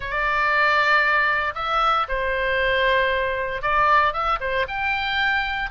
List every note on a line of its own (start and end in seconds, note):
0.00 1.54 D5
1.54 2.06 E5
2.08 3.62 C5
3.62 4.13 D5
4.13 4.38 E5
4.40 4.66 C5
4.68 5.70 G5